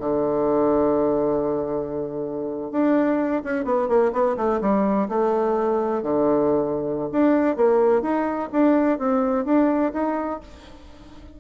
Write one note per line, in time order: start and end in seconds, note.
0.00 2.72 D3
2.72 3.43 D4
3.44 3.65 C#4
3.65 3.88 B3
3.88 4.12 A#3
4.13 4.36 B3
4.37 4.61 A3
4.61 5.08 G3
5.09 6.03 A3
6.03 7.09 D3
7.12 7.57 D4
7.57 8.02 A#3
8.02 8.49 D#4
8.52 8.99 D4
8.99 9.45 C4
9.45 9.93 D4
9.93 10.40 D#4